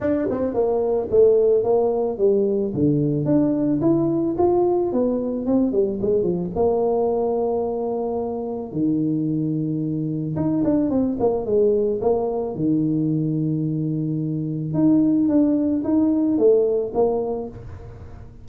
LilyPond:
\new Staff \with { instrumentName = "tuba" } { \time 4/4 \tempo 4 = 110 d'8 c'8 ais4 a4 ais4 | g4 d4 d'4 e'4 | f'4 b4 c'8 g8 gis8 f8 | ais1 |
dis2. dis'8 d'8 | c'8 ais8 gis4 ais4 dis4~ | dis2. dis'4 | d'4 dis'4 a4 ais4 | }